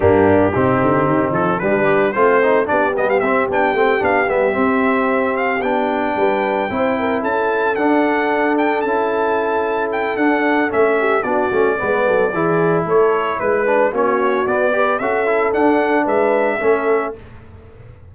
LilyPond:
<<
  \new Staff \with { instrumentName = "trumpet" } { \time 4/4 \tempo 4 = 112 g'2~ g'8 a'8 b'4 | c''4 d''8 dis''16 f''16 e''8 g''4 f''8 | e''2 f''8 g''4.~ | g''4. a''4 fis''4. |
g''8 a''2 g''8 fis''4 | e''4 d''2. | cis''4 b'4 cis''4 d''4 | e''4 fis''4 e''2 | }
  \new Staff \with { instrumentName = "horn" } { \time 4/4 d'4 dis'2 d'4 | c'4 g'2.~ | g'2.~ g'8 b'8~ | b'8 c''8 ais'8 a'2~ a'8~ |
a'1~ | a'8 g'8 fis'4 b'8 a'8 gis'4 | a'4 b'4 fis'4. b'8 | a'2 b'4 a'4 | }
  \new Staff \with { instrumentName = "trombone" } { \time 4/4 ais4 c'2 g8 g'8 | f'8 dis'8 d'8 b8 c'8 d'8 c'8 d'8 | b8 c'2 d'4.~ | d'8 e'2 d'4.~ |
d'8 e'2~ e'8 d'4 | cis'4 d'8 cis'8 b4 e'4~ | e'4. d'8 cis'4 b8 g'8 | fis'8 e'8 d'2 cis'4 | }
  \new Staff \with { instrumentName = "tuba" } { \time 4/4 g,4 c8 d8 dis8 f8 g4 | a4 b8 g8 c'8 b8 a8 b8 | g8 c'2 b4 g8~ | g8 c'4 cis'4 d'4.~ |
d'8 cis'2~ cis'8 d'4 | a4 b8 a8 gis8 fis8 e4 | a4 gis4 ais4 b4 | cis'4 d'4 gis4 a4 | }
>>